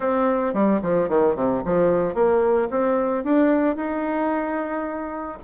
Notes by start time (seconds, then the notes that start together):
0.00 C4
0.53 G3
0.81 F3
1.08 D#3
1.35 C3
1.65 F3
2.14 A#3
2.70 C4
3.24 D4
3.76 D#4